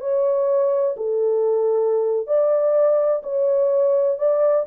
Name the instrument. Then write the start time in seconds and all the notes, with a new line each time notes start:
horn
0.00 C#5
0.97 A4
2.27 D5
3.23 C#5
4.18 D5